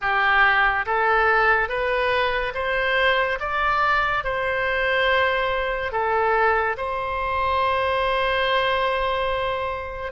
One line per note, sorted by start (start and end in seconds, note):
0.01 0.85 G4
0.86 1.69 A4
1.69 2.53 B4
2.54 3.38 C5
3.40 4.24 D5
4.24 5.92 C5
5.92 6.76 A4
6.77 10.12 C5